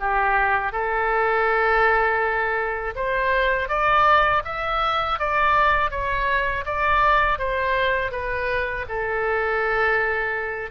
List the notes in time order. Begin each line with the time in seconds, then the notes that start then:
0.00 G4
0.72 A4
2.96 C5
3.69 D5
4.45 E5
5.19 D5
5.91 C#5
6.65 D5
7.39 C5
8.11 B4
8.89 A4